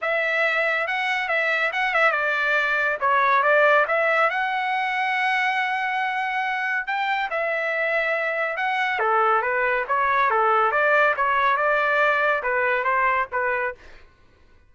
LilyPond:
\new Staff \with { instrumentName = "trumpet" } { \time 4/4 \tempo 4 = 140 e''2 fis''4 e''4 | fis''8 e''8 d''2 cis''4 | d''4 e''4 fis''2~ | fis''1 |
g''4 e''2. | fis''4 a'4 b'4 cis''4 | a'4 d''4 cis''4 d''4~ | d''4 b'4 c''4 b'4 | }